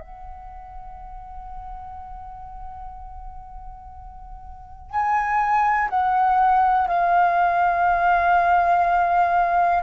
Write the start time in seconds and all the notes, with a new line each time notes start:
0.00 F#5
4.91 G#5
5.90 F#5
6.88 F5